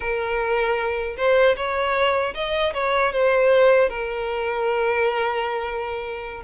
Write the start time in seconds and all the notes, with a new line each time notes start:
0.00 A#4
1.17 C5
1.56 C#5
2.34 D#5
2.73 C#5
3.12 C5
3.89 A#4